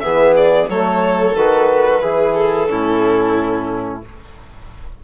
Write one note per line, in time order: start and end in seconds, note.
0.00 0.68 E3
0.00 0.68 B3
0.00 0.69 G#4
0.00 0.33 E5
0.35 0.69 D5
0.68 1.35 F#3
0.68 1.36 A3
0.68 2.01 A4
0.68 1.36 C#5
1.35 2.02 D#3
1.35 2.01 F#4
1.35 2.32 B4
2.01 2.69 E3
2.01 2.68 E4
2.01 2.68 G#4
2.32 3.99 A4
2.68 4.03 A2
2.68 4.01 C#4
2.68 4.04 E4